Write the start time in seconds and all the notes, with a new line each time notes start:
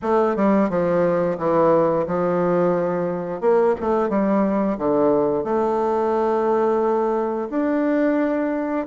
0.02 A3
0.36 G3
0.69 F3
1.38 E3
2.06 F3
3.41 A#3
3.80 A3
4.09 G3
4.78 D3
5.44 A3
7.50 D4